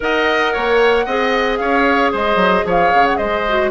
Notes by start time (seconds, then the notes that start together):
0.00 D#4 A#4 D#5 F#5
0.52 A#3 C#5
1.05 C4 G#4 D#5
1.57 C#4 C#5 F5
2.12 G#3 C5 D#5
2.35 F#3
2.64 F3 C#5 F5
2.94 C#3
3.06 F#5
3.16 G#3 C5 D#5
3.48 F#4